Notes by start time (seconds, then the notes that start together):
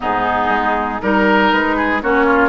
0.00 G#2 B3 D#4 G#4
0.48 G#3
1.01 G3 D#4 A#4
1.51 G#3 B4
1.76 G#4
2.02 A#3 C#4 F#4 C#5
2.25 F4